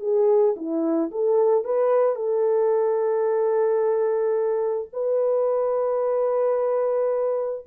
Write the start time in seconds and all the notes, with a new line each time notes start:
0.00 G#4
0.56 E4
1.11 A4
1.64 B4
2.15 A4
4.93 B4